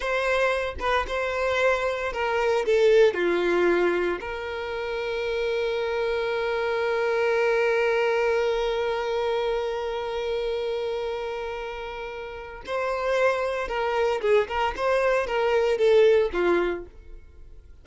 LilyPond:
\new Staff \with { instrumentName = "violin" } { \time 4/4 \tempo 4 = 114 c''4. b'8 c''2 | ais'4 a'4 f'2 | ais'1~ | ais'1~ |
ais'1~ | ais'1 | c''2 ais'4 gis'8 ais'8 | c''4 ais'4 a'4 f'4 | }